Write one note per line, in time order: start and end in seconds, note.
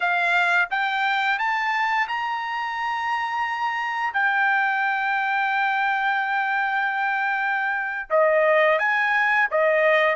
0.00 0.68 F5
0.70 1.38 G5
1.38 2.07 A5
2.08 4.13 A#5
4.13 8.09 G5
8.10 8.79 D#5
8.79 9.48 G#5
9.50 10.15 D#5